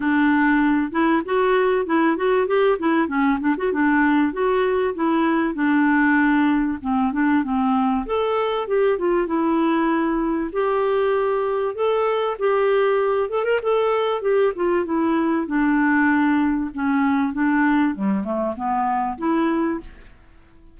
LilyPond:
\new Staff \with { instrumentName = "clarinet" } { \time 4/4 \tempo 4 = 97 d'4. e'8 fis'4 e'8 fis'8 | g'8 e'8 cis'8 d'16 fis'16 d'4 fis'4 | e'4 d'2 c'8 d'8 | c'4 a'4 g'8 f'8 e'4~ |
e'4 g'2 a'4 | g'4. a'16 ais'16 a'4 g'8 f'8 | e'4 d'2 cis'4 | d'4 g8 a8 b4 e'4 | }